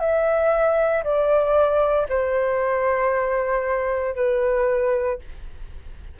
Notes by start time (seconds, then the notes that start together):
0.00 E5
1.04 D5
2.09 C5
4.16 B4